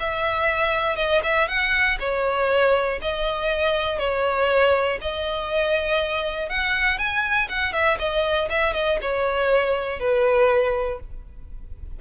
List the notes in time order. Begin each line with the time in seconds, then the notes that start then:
0.00 E5
0.96 D#5
1.23 E5
1.48 F#5
2.00 C#5
3.02 D#5
3.99 C#5
5.01 D#5
6.49 F#5
6.99 G#5
7.49 F#5
7.73 E5
7.99 D#5
8.50 E5
8.74 D#5
9.02 C#5
10.00 B4